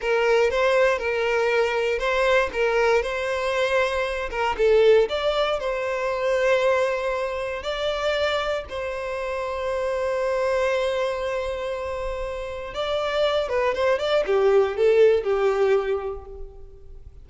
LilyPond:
\new Staff \with { instrumentName = "violin" } { \time 4/4 \tempo 4 = 118 ais'4 c''4 ais'2 | c''4 ais'4 c''2~ | c''8 ais'8 a'4 d''4 c''4~ | c''2. d''4~ |
d''4 c''2.~ | c''1~ | c''4 d''4. b'8 c''8 d''8 | g'4 a'4 g'2 | }